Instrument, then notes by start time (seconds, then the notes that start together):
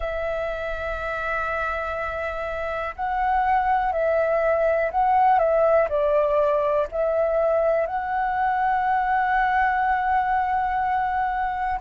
flute
0.00 E5
2.95 F#5
3.92 E5
4.91 F#5
5.38 E5
5.89 D5
6.91 E5
7.86 F#5